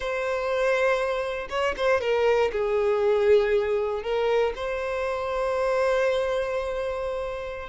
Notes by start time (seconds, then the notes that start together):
0.00 C5
1.49 C#5
1.76 C5
2.01 A#4
2.52 G#4
4.02 A#4
4.55 C5